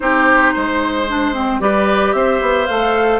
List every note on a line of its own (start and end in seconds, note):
0.00 0.54 C4
0.00 1.07 D#4
0.00 0.53 G4
0.00 1.60 C5
0.53 1.60 G#3
0.53 1.60 C5
1.07 1.33 D4
1.33 1.60 C4
1.60 2.13 G3
1.60 2.67 G4
1.60 2.15 B4
1.60 2.12 D5
2.12 2.40 C4
2.12 3.20 C5
2.12 2.66 E5
2.41 2.68 B3
2.66 3.20 A3
2.66 3.20 A4
2.66 3.20 F5